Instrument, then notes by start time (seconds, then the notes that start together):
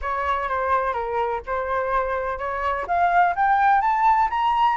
flute
0.01 C#5
0.48 C5
0.93 A#4
1.46 C5
2.38 C#5
2.87 F5
3.35 G5
3.81 A5
4.30 A#5